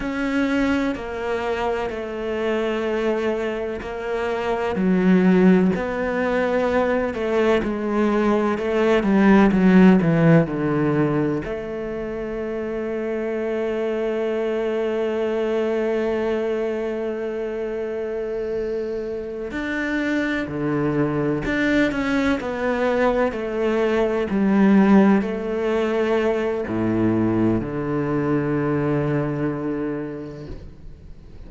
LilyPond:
\new Staff \with { instrumentName = "cello" } { \time 4/4 \tempo 4 = 63 cis'4 ais4 a2 | ais4 fis4 b4. a8 | gis4 a8 g8 fis8 e8 d4 | a1~ |
a1~ | a8 d'4 d4 d'8 cis'8 b8~ | b8 a4 g4 a4. | a,4 d2. | }